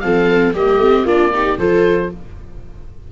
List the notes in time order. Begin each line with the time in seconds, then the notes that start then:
0.00 F3 C4 A4 F5
0.53 G3 A#3 G4 D#5
0.76 A3 C4
1.05 A#3 D4 F4 D5
1.33 D#4 G4
1.58 F3 F4 A4 C5